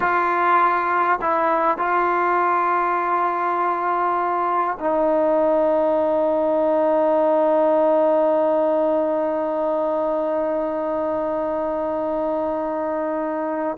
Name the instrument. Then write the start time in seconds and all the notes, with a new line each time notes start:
trombone
0.00 F4
1.21 E4
1.78 F4
4.79 D#4